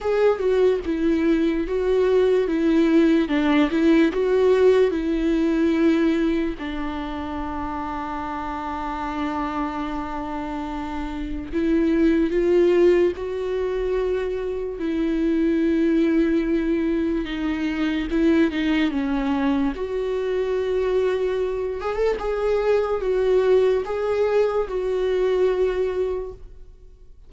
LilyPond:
\new Staff \with { instrumentName = "viola" } { \time 4/4 \tempo 4 = 73 gis'8 fis'8 e'4 fis'4 e'4 | d'8 e'8 fis'4 e'2 | d'1~ | d'2 e'4 f'4 |
fis'2 e'2~ | e'4 dis'4 e'8 dis'8 cis'4 | fis'2~ fis'8 gis'16 a'16 gis'4 | fis'4 gis'4 fis'2 | }